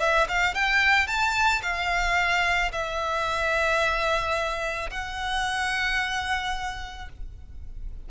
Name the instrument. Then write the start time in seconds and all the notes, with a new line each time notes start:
violin
0.00 E5
0.28 F5
0.54 G5
1.07 A5
1.62 F5
2.71 E5
4.90 F#5